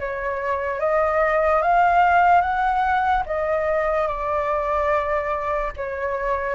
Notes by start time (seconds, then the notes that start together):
0.00 C#5
0.80 D#5
1.62 F5
2.41 F#5
3.26 D#5
4.08 D5
5.77 C#5